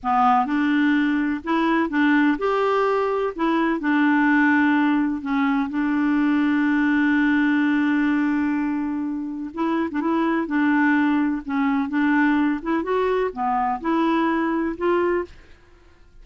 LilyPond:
\new Staff \with { instrumentName = "clarinet" } { \time 4/4 \tempo 4 = 126 b4 d'2 e'4 | d'4 g'2 e'4 | d'2. cis'4 | d'1~ |
d'1 | e'8. d'16 e'4 d'2 | cis'4 d'4. e'8 fis'4 | b4 e'2 f'4 | }